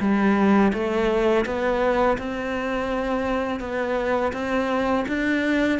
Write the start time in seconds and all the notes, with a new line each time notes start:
0.00 G3
0.73 A3
1.45 B3
2.18 C4
3.60 B3
4.33 C4
5.08 D4